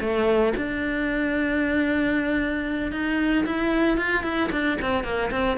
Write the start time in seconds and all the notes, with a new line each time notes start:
0.00 A3
0.56 D4
2.91 D#4
3.45 E4
3.97 F4
4.23 E4
4.51 D4
4.81 C4
5.03 A#3
5.31 C4